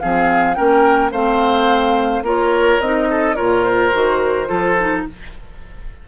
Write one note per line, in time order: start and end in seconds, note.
0.00 0.59 F3
0.00 0.55 C4
0.00 0.57 G#4
0.00 0.54 F5
0.54 1.12 A#3
0.54 1.11 C#4
0.54 1.11 A#4
0.54 1.11 G5
1.11 2.22 A3
1.11 2.25 C4
1.11 2.23 C5
1.11 2.25 F5
2.22 2.78 A#3
2.22 2.81 F4
2.22 3.08 A#4
2.22 2.81 C#5
2.80 3.37 C4
2.80 3.36 D#4
2.80 3.36 D#5
3.10 3.36 A4
3.36 3.94 A#2
3.36 3.92 F4
3.36 4.48 A#4
3.36 3.64 C#5
3.64 5.04 C5
3.92 4.50 D#3
3.92 4.47 F#4
4.47 5.06 F3
4.47 4.75 F4
4.47 5.05 A4
4.80 5.08 D#4